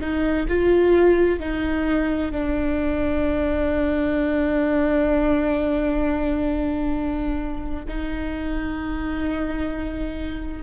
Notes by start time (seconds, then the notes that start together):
0.00 D#4
0.48 F4
1.39 D#4
2.32 D4
7.88 D#4